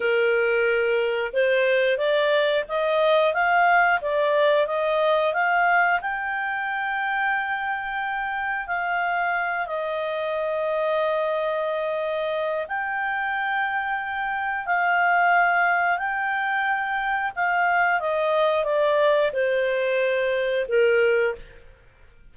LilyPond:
\new Staff \with { instrumentName = "clarinet" } { \time 4/4 \tempo 4 = 90 ais'2 c''4 d''4 | dis''4 f''4 d''4 dis''4 | f''4 g''2.~ | g''4 f''4. dis''4.~ |
dis''2. g''4~ | g''2 f''2 | g''2 f''4 dis''4 | d''4 c''2 ais'4 | }